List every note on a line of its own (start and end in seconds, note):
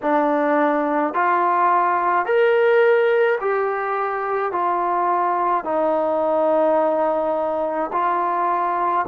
0.02 1.14 D4
1.14 2.25 F4
2.25 3.39 A#4
3.40 4.51 G4
4.51 5.64 F4
5.64 7.90 D#4
7.92 9.05 F4